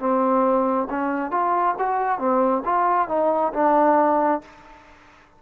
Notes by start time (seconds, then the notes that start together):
0.00 C4
0.90 C#4
1.31 F4
1.79 F#4
2.19 C4
2.65 F4
3.09 D#4
3.53 D4